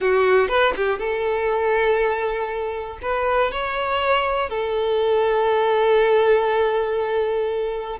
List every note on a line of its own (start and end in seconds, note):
0.00 0.48 F#4
0.48 0.73 B4
0.76 0.98 G4
0.98 2.98 A4
3.01 3.51 B4
3.51 4.49 C#5
4.49 7.99 A4